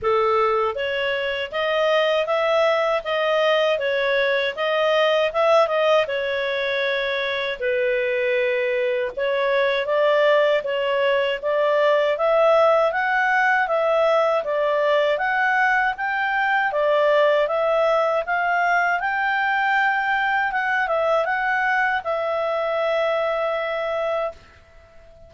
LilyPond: \new Staff \with { instrumentName = "clarinet" } { \time 4/4 \tempo 4 = 79 a'4 cis''4 dis''4 e''4 | dis''4 cis''4 dis''4 e''8 dis''8 | cis''2 b'2 | cis''4 d''4 cis''4 d''4 |
e''4 fis''4 e''4 d''4 | fis''4 g''4 d''4 e''4 | f''4 g''2 fis''8 e''8 | fis''4 e''2. | }